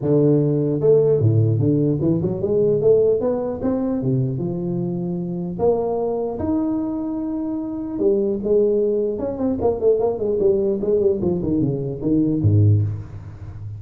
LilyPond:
\new Staff \with { instrumentName = "tuba" } { \time 4/4 \tempo 4 = 150 d2 a4 a,4 | d4 e8 fis8 gis4 a4 | b4 c'4 c4 f4~ | f2 ais2 |
dis'1 | g4 gis2 cis'8 c'8 | ais8 a8 ais8 gis8 g4 gis8 g8 | f8 dis8 cis4 dis4 gis,4 | }